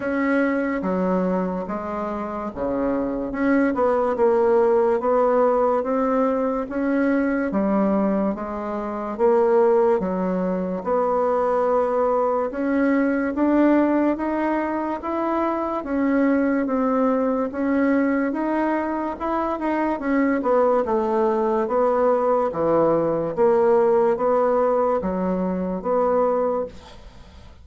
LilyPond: \new Staff \with { instrumentName = "bassoon" } { \time 4/4 \tempo 4 = 72 cis'4 fis4 gis4 cis4 | cis'8 b8 ais4 b4 c'4 | cis'4 g4 gis4 ais4 | fis4 b2 cis'4 |
d'4 dis'4 e'4 cis'4 | c'4 cis'4 dis'4 e'8 dis'8 | cis'8 b8 a4 b4 e4 | ais4 b4 fis4 b4 | }